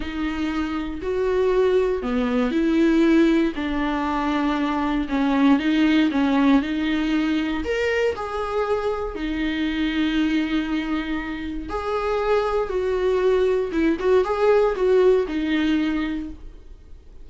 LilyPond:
\new Staff \with { instrumentName = "viola" } { \time 4/4 \tempo 4 = 118 dis'2 fis'2 | b4 e'2 d'4~ | d'2 cis'4 dis'4 | cis'4 dis'2 ais'4 |
gis'2 dis'2~ | dis'2. gis'4~ | gis'4 fis'2 e'8 fis'8 | gis'4 fis'4 dis'2 | }